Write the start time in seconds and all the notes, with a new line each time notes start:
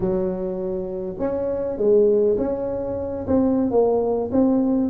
0.00 F#3
1.19 C#4
1.77 G#3
2.37 C#4
3.27 C4
3.70 A#3
4.31 C4